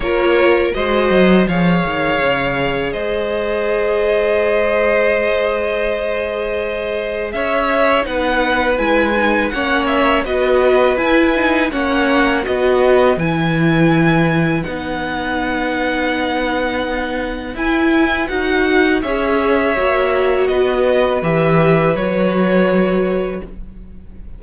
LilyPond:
<<
  \new Staff \with { instrumentName = "violin" } { \time 4/4 \tempo 4 = 82 cis''4 dis''4 f''2 | dis''1~ | dis''2 e''4 fis''4 | gis''4 fis''8 e''8 dis''4 gis''4 |
fis''4 dis''4 gis''2 | fis''1 | gis''4 fis''4 e''2 | dis''4 e''4 cis''2 | }
  \new Staff \with { instrumentName = "violin" } { \time 4/4 ais'4 c''4 cis''2 | c''1~ | c''2 cis''4 b'4~ | b'4 cis''4 b'2 |
cis''4 b'2.~ | b'1~ | b'2 cis''2 | b'1 | }
  \new Staff \with { instrumentName = "viola" } { \time 4/4 f'4 fis'4 gis'2~ | gis'1~ | gis'2. dis'4 | e'8 dis'8 cis'4 fis'4 e'8 dis'8 |
cis'4 fis'4 e'2 | dis'1 | e'4 fis'4 gis'4 fis'4~ | fis'4 g'4 fis'2 | }
  \new Staff \with { instrumentName = "cello" } { \time 4/4 ais4 gis8 fis8 f8 dis8 cis4 | gis1~ | gis2 cis'4 b4 | gis4 ais4 b4 e'4 |
ais4 b4 e2 | b1 | e'4 dis'4 cis'4 ais4 | b4 e4 fis2 | }
>>